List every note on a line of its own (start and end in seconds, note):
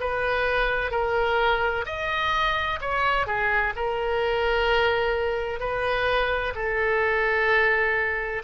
0.00 0.91 B4
0.91 1.85 A#4
1.85 2.79 D#5
2.81 3.26 C#5
3.26 3.73 G#4
3.75 5.60 A#4
5.60 6.53 B4
6.55 8.42 A4